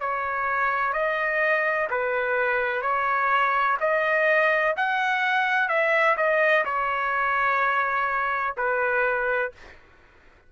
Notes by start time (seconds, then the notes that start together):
0.00 C#5
0.93 D#5
1.90 B4
2.81 C#5
3.80 D#5
4.76 F#5
5.68 E5
6.17 D#5
6.65 C#5
8.57 B4